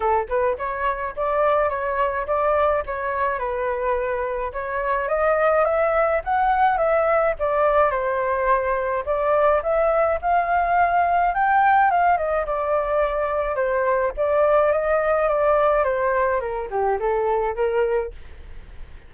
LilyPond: \new Staff \with { instrumentName = "flute" } { \time 4/4 \tempo 4 = 106 a'8 b'8 cis''4 d''4 cis''4 | d''4 cis''4 b'2 | cis''4 dis''4 e''4 fis''4 | e''4 d''4 c''2 |
d''4 e''4 f''2 | g''4 f''8 dis''8 d''2 | c''4 d''4 dis''4 d''4 | c''4 ais'8 g'8 a'4 ais'4 | }